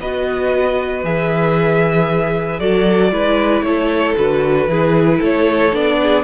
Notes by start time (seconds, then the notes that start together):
0.00 B3 F#4 B4 D#5
1.04 E3 G#4 E5
2.60 F#3 F#4 A4 D5
3.12 G#3 E4 B4
3.62 A3 A4 C#5
4.16 D3 F#4 B4
4.67 E3 E4 G#4
5.19 A3 A4 C#5
5.72 B3 D4 D5
6.03 G#4